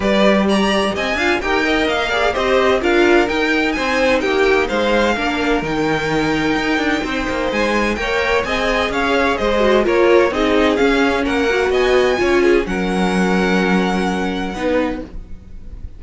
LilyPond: <<
  \new Staff \with { instrumentName = "violin" } { \time 4/4 \tempo 4 = 128 d''4 ais''4 gis''4 g''4 | f''4 dis''4 f''4 g''4 | gis''4 g''4 f''2 | g''1 |
gis''4 g''4 gis''4 f''4 | dis''4 cis''4 dis''4 f''4 | fis''4 gis''2 fis''4~ | fis''1 | }
  \new Staff \with { instrumentName = "violin" } { \time 4/4 b'4 d''4 dis''8 f''8 ais'8 dis''8~ | dis''8 d''8 c''4 ais'2 | c''4 g'4 c''4 ais'4~ | ais'2. c''4~ |
c''4 cis''4 dis''4 cis''4 | c''4 ais'4 gis'2 | ais'4 dis''4 cis''8 gis'8 ais'4~ | ais'2. b'4 | }
  \new Staff \with { instrumentName = "viola" } { \time 4/4 g'2~ g'8 f'8 g'8 ais'8~ | ais'8 gis'8 g'4 f'4 dis'4~ | dis'2. d'4 | dis'1~ |
dis'4 ais'4 gis'2~ | gis'8 fis'8 f'4 dis'4 cis'4~ | cis'8 fis'4. f'4 cis'4~ | cis'2. dis'4 | }
  \new Staff \with { instrumentName = "cello" } { \time 4/4 g2 c'8 d'8 dis'4 | ais4 c'4 d'4 dis'4 | c'4 ais4 gis4 ais4 | dis2 dis'8 d'8 c'8 ais8 |
gis4 ais4 c'4 cis'4 | gis4 ais4 c'4 cis'4 | ais4 b4 cis'4 fis4~ | fis2. b4 | }
>>